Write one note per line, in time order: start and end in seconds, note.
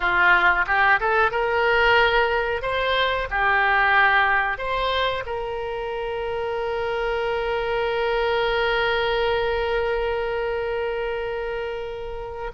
0.00 0.65 F4
0.66 0.99 G4
1.00 1.31 A4
1.31 2.62 A#4
2.62 3.28 C5
3.30 4.57 G4
4.57 5.23 C5
5.26 12.51 A#4